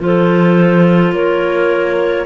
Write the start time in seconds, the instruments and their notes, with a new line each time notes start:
0.00 cello F3, clarinet F4 A4 C5
1.12 cello A#3, clarinet A#4 C#5